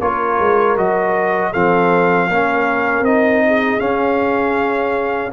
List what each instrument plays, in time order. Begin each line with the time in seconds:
0.00 tuba A#3, trombone F4, horn A#4, trumpet C#5
0.40 tuba G#3
0.77 tuba F#3, trombone F#4, trumpet D#5
1.51 tuba F3, trombone C4, horn A4, trumpet F5
2.29 tuba A#3, trombone C#4, horn A#4
3.01 tuba C4, trombone D#4, trumpet D#5
3.47 horn G#4
3.79 trombone C#4, tuba C#4, trumpet F5